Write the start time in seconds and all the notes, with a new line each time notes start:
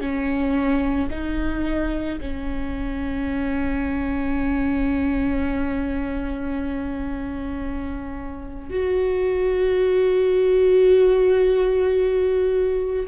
0.00 C#4
1.10 D#4
2.20 C#4
8.69 F#4